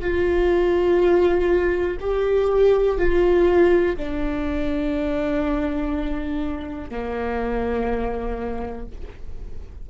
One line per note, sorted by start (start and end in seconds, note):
0.00 1.97 F4
2.00 2.97 G4
2.97 3.96 F4
3.97 6.89 D4
6.89 8.86 A#3